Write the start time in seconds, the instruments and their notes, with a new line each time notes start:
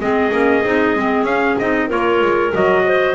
0.00 double bass G#3, clarinet C4 G#4, trumpet D#5
0.32 double bass A#3, clarinet C#4
0.64 double bass C4, clarinet D#4
0.96 double bass G#3, clarinet C4
1.24 double bass C#4, clarinet C#4, trumpet F5
1.59 double bass C4, clarinet D#4, trumpet D#5
1.87 double bass A#3, clarinet F4 A#4, trumpet C#5
2.21 double bass G#3
2.53 double bass F#3, clarinet F#4, trumpet D#5
2.86 clarinet C5